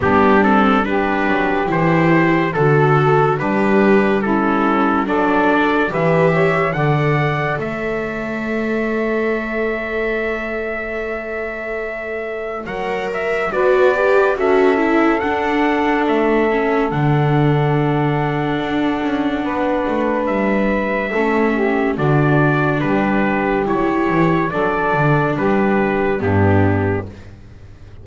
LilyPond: <<
  \new Staff \with { instrumentName = "trumpet" } { \time 4/4 \tempo 4 = 71 g'8 a'8 b'4 c''4 a'4 | b'4 a'4 d''4 e''4 | fis''4 e''2.~ | e''2. fis''8 e''8 |
d''4 e''4 fis''4 e''4 | fis''1 | e''2 d''4 b'4 | cis''4 d''4 b'4 g'4 | }
  \new Staff \with { instrumentName = "saxophone" } { \time 4/4 d'4 g'2 a'4 | d'4 e'4 a'4 b'8 cis''8 | d''4 cis''2.~ | cis''1 |
b'4 a'2.~ | a'2. b'4~ | b'4 a'8 g'8 fis'4 g'4~ | g'4 a'4 g'4 d'4 | }
  \new Staff \with { instrumentName = "viola" } { \time 4/4 b8 c'8 d'4 e'4 fis'4 | g'4 cis'4 d'4 g'4 | a'1~ | a'2. ais'4 |
fis'8 g'8 fis'8 e'8 d'4. cis'8 | d'1~ | d'4 cis'4 d'2 | e'4 d'2 b4 | }
  \new Staff \with { instrumentName = "double bass" } { \time 4/4 g4. fis8 e4 d4 | g2 fis4 e4 | d4 a2.~ | a2. fis4 |
b4 cis'4 d'4 a4 | d2 d'8 cis'8 b8 a8 | g4 a4 d4 g4 | fis8 e8 fis8 d8 g4 g,4 | }
>>